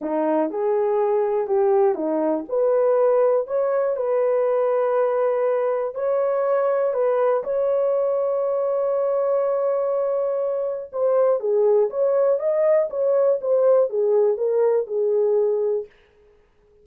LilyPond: \new Staff \with { instrumentName = "horn" } { \time 4/4 \tempo 4 = 121 dis'4 gis'2 g'4 | dis'4 b'2 cis''4 | b'1 | cis''2 b'4 cis''4~ |
cis''1~ | cis''2 c''4 gis'4 | cis''4 dis''4 cis''4 c''4 | gis'4 ais'4 gis'2 | }